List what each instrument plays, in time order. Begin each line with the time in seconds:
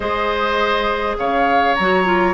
0.00 bassoon G#3, clarinet G#4, oboe C5, flute D#5
1.18 bassoon C#3, oboe C#5, flute F5
1.74 bassoon F#3, clarinet F#4, flute A#5
2.04 clarinet F4